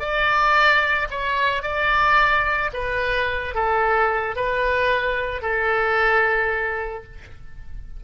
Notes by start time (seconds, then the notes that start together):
0.00 D5
1.11 C#5
1.63 D5
2.74 B4
3.55 A4
4.36 B4
5.42 A4